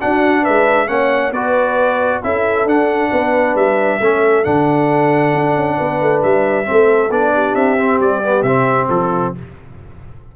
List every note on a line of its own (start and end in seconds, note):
0.00 0.87 D4
0.00 0.48 D4
0.00 0.42 F#4
0.00 0.45 F#5
0.42 0.89 G#3
0.42 0.87 B4
0.42 0.88 E5
0.87 1.32 A#3
0.87 1.32 C#4
0.87 1.33 C#5
0.87 1.33 F#5
1.32 2.21 B3
1.32 2.24 F#4
1.32 2.22 B4
1.32 2.22 D5
2.24 2.66 C#4
2.24 2.68 E4
2.24 3.10 A4
2.24 2.68 E5
2.66 3.10 D4
2.66 4.01 D4
2.66 3.57 F#5
3.10 3.56 B3
3.10 3.99 B4
3.56 4.00 G3
3.56 4.45 E5
4.00 4.45 A3
4.00 4.44 C#4
4.00 5.77 A4
4.44 5.34 D3
4.44 6.65 D4
4.44 6.22 F#5
5.34 5.56 D4
5.56 5.79 C#4
5.77 6.01 B3
5.77 6.66 B4
6.01 6.24 A3
6.23 6.69 G3
6.23 7.12 E5
6.65 7.10 A3
6.65 7.10 C4
6.65 7.34 A4
7.10 7.55 B3
7.10 7.78 D4
7.10 7.55 D5
7.34 8.89 G4
7.55 8.00 C4
7.55 8.00 E5
7.79 8.23 C4
8.00 8.43 G3
8.00 8.43 D5
8.24 8.46 B3
8.43 8.87 C3
8.43 9.36 C4
8.43 8.87 E5
8.90 9.34 F3
8.90 9.36 F4
8.90 9.34 A4